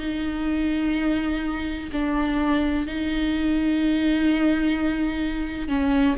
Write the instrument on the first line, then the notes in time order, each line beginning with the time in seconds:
viola
0.00 D#4
1.93 D4
2.87 D#4
5.68 C#4